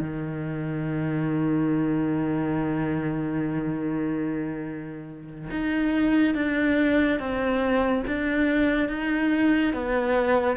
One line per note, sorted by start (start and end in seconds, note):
0.00 5.49 D#3
5.51 6.35 D#4
6.35 7.19 D4
7.19 8.04 C4
8.07 8.89 D4
8.89 9.73 D#4
9.73 10.57 B3